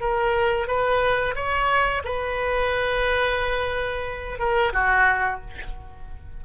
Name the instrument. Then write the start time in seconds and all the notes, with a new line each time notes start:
oboe
0.00 A#4
0.67 B4
1.35 C#5
2.04 B4
4.39 A#4
4.73 F#4